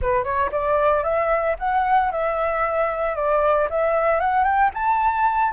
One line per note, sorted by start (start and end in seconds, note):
0.01 0.23 B4
0.23 0.50 C#5
0.51 1.03 D5
1.03 1.56 E5
1.58 2.11 F#5
2.11 3.15 E5
3.15 3.68 D5
3.70 4.20 E5
4.20 4.44 F#5
4.44 4.70 G5
4.74 5.52 A5